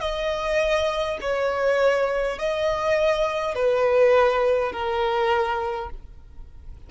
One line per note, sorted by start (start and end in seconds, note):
0.00 1.18 D#5
1.21 2.39 C#5
2.39 3.55 D#5
3.55 4.72 B4
4.72 5.90 A#4